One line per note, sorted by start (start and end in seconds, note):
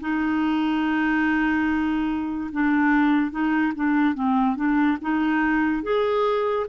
0.00 2.50 D#4
2.52 3.31 D4
3.31 3.73 D#4
3.75 4.14 D4
4.14 4.56 C4
4.56 4.97 D4
5.01 5.83 D#4
5.83 6.66 G#4